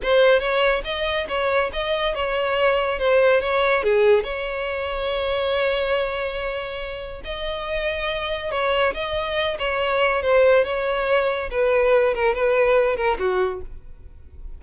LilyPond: \new Staff \with { instrumentName = "violin" } { \time 4/4 \tempo 4 = 141 c''4 cis''4 dis''4 cis''4 | dis''4 cis''2 c''4 | cis''4 gis'4 cis''2~ | cis''1~ |
cis''4 dis''2. | cis''4 dis''4. cis''4. | c''4 cis''2 b'4~ | b'8 ais'8 b'4. ais'8 fis'4 | }